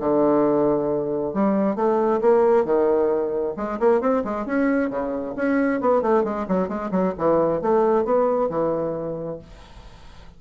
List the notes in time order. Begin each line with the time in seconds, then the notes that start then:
0.00 D3
1.34 G3
1.76 A3
2.21 A#3
2.65 D#3
3.57 G#3
3.80 A#3
4.01 C4
4.25 G#3
4.46 C#4
4.90 C#3
5.36 C#4
5.81 B3
6.02 A3
6.24 G#3
6.48 F#3
6.68 G#3
6.91 F#3
7.18 E3
7.62 A3
8.05 B3
8.49 E3